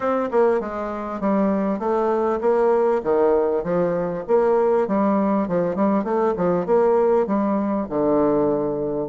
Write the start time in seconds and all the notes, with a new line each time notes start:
0.00 C4
0.31 A#3
0.60 G#3
1.20 G3
1.79 A3
2.40 A#3
3.03 D#3
3.63 F3
4.27 A#3
4.87 G3
5.47 F3
5.75 G3
6.04 A3
6.36 F3
6.66 A#3
7.26 G3
7.89 D3